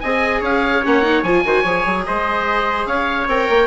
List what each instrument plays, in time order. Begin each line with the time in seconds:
0.00 bassoon C4, viola G#4, trumpet D#5, oboe G#5
0.40 bassoon C#4, trumpet C#5, oboe F5
0.84 bassoon A#3, viola C#4, oboe F#5
1.02 viola D#4
1.23 bassoon F3, viola F4, oboe G#5
1.44 bassoon D#3, viola F#4, trumpet C5
1.62 bassoon F3, viola G#4, trumpet C#5
1.86 bassoon F#3
2.05 bassoon G#3, trumpet C5, oboe D#5
2.86 bassoon C#4, trumpet C#5, oboe F5
3.28 bassoon C4, viola A#4, oboe G5
3.49 bassoon A#3